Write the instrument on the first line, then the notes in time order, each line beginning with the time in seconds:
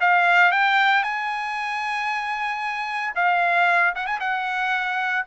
trumpet
0.00 F5
0.51 G5
1.03 G#5
3.15 F5
3.95 F#5
4.06 G#5
4.20 F#5